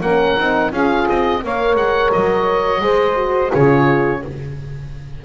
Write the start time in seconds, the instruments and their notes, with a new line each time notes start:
0.00 double bass A#3, horn C#4, saxophone A#4, oboe F#5
0.37 double bass C4, horn D#4
0.71 double bass C#4, horn F4, saxophone G#4, oboe F5
1.08 double bass C4, oboe D#5
1.43 double bass A#3, horn A#4, saxophone C#5, oboe F5
1.75 double bass G#3, oboe F#5
2.12 double bass F#3, oboe D#5
2.81 double bass G#3, horn G#4, saxophone C5
3.15 horn F#4
3.51 double bass C#3, horn F4, saxophone G#4, oboe C#5